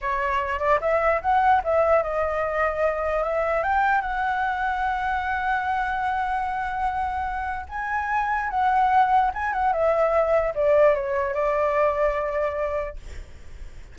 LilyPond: \new Staff \with { instrumentName = "flute" } { \time 4/4 \tempo 4 = 148 cis''4. d''8 e''4 fis''4 | e''4 dis''2. | e''4 g''4 fis''2~ | fis''1~ |
fis''2. gis''4~ | gis''4 fis''2 gis''8 fis''8 | e''2 d''4 cis''4 | d''1 | }